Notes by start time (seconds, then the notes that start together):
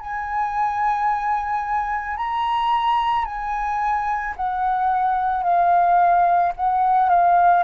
0.00 G#5
2.17 A#5
3.25 G#5
4.36 F#5
5.43 F5
6.56 F#5
7.09 F5